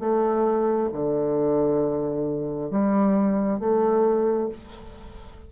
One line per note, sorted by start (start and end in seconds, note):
0.00 0.90 A3
0.93 2.71 D3
2.71 3.60 G3
3.60 4.49 A3